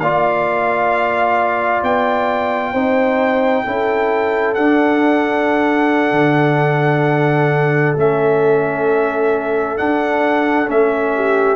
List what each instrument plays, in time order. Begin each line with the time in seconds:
0.00 tuba A#3, trombone F4, horn D5, trumpet F5
1.83 tuba B3, trumpet G5
2.73 tuba C4, trombone D#4, horn C5
3.64 tuba C#4, trombone E4, horn A4
4.54 tuba D4, trombone D4, trumpet F#5
6.12 tuba D3
7.97 tuba A3, trombone C#4, trumpet E5
9.77 trombone D4, tuba D4, trumpet F#5
10.66 tuba A3, trombone C#4, trumpet E5
11.16 horn G4